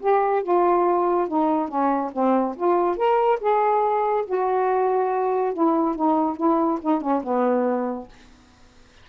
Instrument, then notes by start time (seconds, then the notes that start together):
saxophone
0.00 G4
0.42 F4
1.27 D#4
1.68 C#4
2.13 C4
2.56 F4
2.96 A#4
3.40 G#4
4.26 F#4
5.53 E4
5.95 D#4
6.36 E4
6.81 D#4
7.01 C#4
7.23 B3